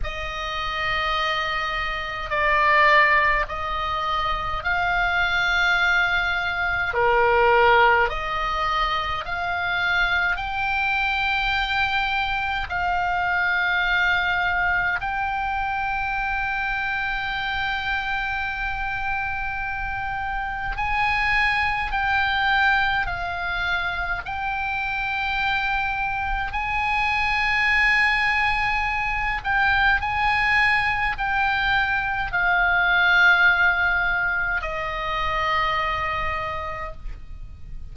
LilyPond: \new Staff \with { instrumentName = "oboe" } { \time 4/4 \tempo 4 = 52 dis''2 d''4 dis''4 | f''2 ais'4 dis''4 | f''4 g''2 f''4~ | f''4 g''2.~ |
g''2 gis''4 g''4 | f''4 g''2 gis''4~ | gis''4. g''8 gis''4 g''4 | f''2 dis''2 | }